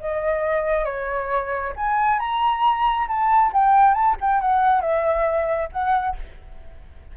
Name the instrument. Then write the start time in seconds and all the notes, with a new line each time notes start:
flute
0.00 D#5
0.85 C#5
1.76 G#5
2.19 A#5
3.08 A5
3.53 G5
3.94 A5
4.21 G5
4.41 F#5
4.81 E5
5.72 F#5